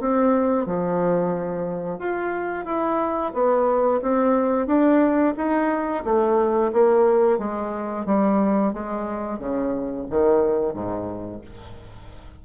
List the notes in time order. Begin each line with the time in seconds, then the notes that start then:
0.00 C4
0.66 F3
1.99 F4
2.65 E4
3.33 B3
4.02 C4
4.67 D4
5.37 D#4
6.04 A3
6.73 A#3
7.38 G#3
8.06 G3
8.73 G#3
9.39 C#3
10.10 D#3
10.74 G#2